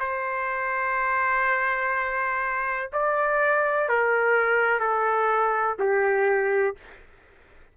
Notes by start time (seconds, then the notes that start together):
0.00 C5
2.93 D5
3.88 A#4
4.80 A4
5.79 G4